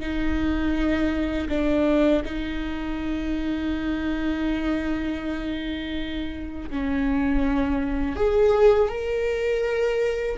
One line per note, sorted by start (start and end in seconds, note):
0.00 1.48 D#4
1.49 2.23 D4
2.25 6.69 D#4
6.70 8.16 C#4
8.16 8.89 G#4
8.89 10.37 A#4